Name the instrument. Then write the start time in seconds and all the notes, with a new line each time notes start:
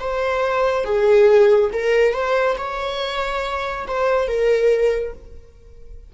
viola
0.00 C5
0.85 G#4
1.73 A#4
2.14 C5
2.58 C#5
3.88 C5
4.28 A#4